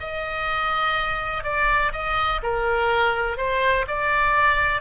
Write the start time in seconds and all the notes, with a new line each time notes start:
0.00 D#5
1.43 D5
1.92 D#5
2.43 A#4
3.37 C5
3.88 D5